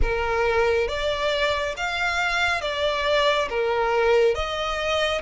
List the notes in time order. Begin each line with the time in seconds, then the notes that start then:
0.02 A#4
0.88 D5
1.76 F5
2.61 D5
3.49 A#4
4.34 D#5